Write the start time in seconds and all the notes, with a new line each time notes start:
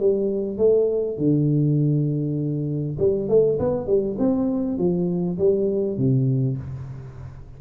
0.00 G3
0.58 A3
1.18 D3
2.99 G3
3.29 A3
3.60 B3
3.87 G3
4.19 C4
4.78 F3
5.39 G3
5.98 C3